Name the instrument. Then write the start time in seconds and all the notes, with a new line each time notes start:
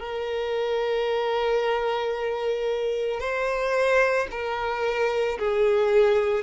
violin
0.00 A#4
3.20 C5
4.31 A#4
5.39 G#4